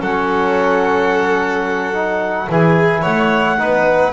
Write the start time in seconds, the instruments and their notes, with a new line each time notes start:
0.00 double bass F#3, trombone C#4, violin A4, clarinet F#5
1.94 trombone D#4
2.50 double bass E3, trombone E4, violin G#4, clarinet G#5
3.02 double bass A3, violin C#5, clarinet F#5
3.58 double bass B3, trombone D#4, violin B4